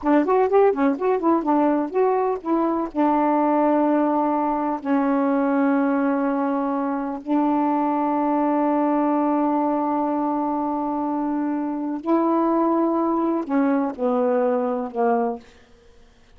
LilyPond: \new Staff \with { instrumentName = "saxophone" } { \time 4/4 \tempo 4 = 125 d'8 fis'8 g'8 cis'8 fis'8 e'8 d'4 | fis'4 e'4 d'2~ | d'2 cis'2~ | cis'2. d'4~ |
d'1~ | d'1~ | d'4 e'2. | cis'4 b2 ais4 | }